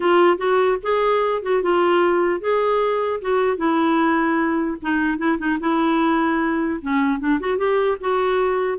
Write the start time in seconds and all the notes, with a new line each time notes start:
0.00 F4
0.37 F#4
0.83 G#4
1.42 F#4
1.62 F4
2.40 G#4
3.21 F#4
3.57 E4
4.82 D#4
5.18 E4
5.38 D#4
5.60 E4
6.81 C#4
7.19 D4
7.39 F#4
7.57 G4
8.00 F#4